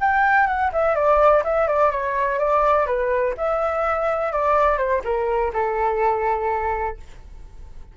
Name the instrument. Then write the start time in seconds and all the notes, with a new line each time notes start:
flute
0.00 G5
0.47 F#5
0.72 E5
0.95 D5
1.44 E5
1.67 D5
1.91 C#5
2.39 D5
2.86 B4
3.37 E5
4.32 D5
4.77 C5
5.04 A#4
5.53 A4